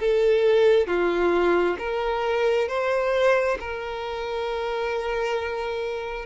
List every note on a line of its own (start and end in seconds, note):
0.00 0.87 A4
0.87 1.77 F4
1.79 2.68 A#4
2.68 3.58 C5
3.60 6.26 A#4